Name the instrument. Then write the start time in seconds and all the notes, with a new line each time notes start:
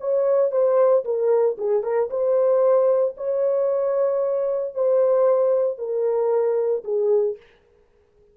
horn
0.00 C#5
0.51 C5
1.04 A#4
1.58 G#4
1.83 A#4
2.10 C5
3.17 C#5
4.74 C5
5.78 A#4
6.84 G#4